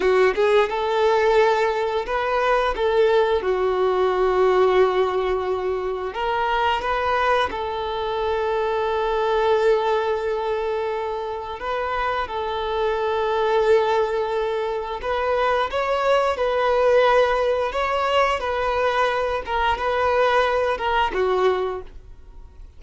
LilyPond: \new Staff \with { instrumentName = "violin" } { \time 4/4 \tempo 4 = 88 fis'8 gis'8 a'2 b'4 | a'4 fis'2.~ | fis'4 ais'4 b'4 a'4~ | a'1~ |
a'4 b'4 a'2~ | a'2 b'4 cis''4 | b'2 cis''4 b'4~ | b'8 ais'8 b'4. ais'8 fis'4 | }